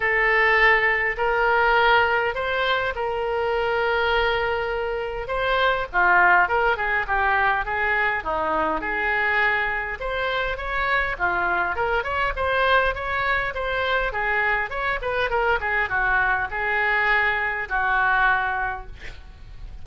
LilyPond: \new Staff \with { instrumentName = "oboe" } { \time 4/4 \tempo 4 = 102 a'2 ais'2 | c''4 ais'2.~ | ais'4 c''4 f'4 ais'8 gis'8 | g'4 gis'4 dis'4 gis'4~ |
gis'4 c''4 cis''4 f'4 | ais'8 cis''8 c''4 cis''4 c''4 | gis'4 cis''8 b'8 ais'8 gis'8 fis'4 | gis'2 fis'2 | }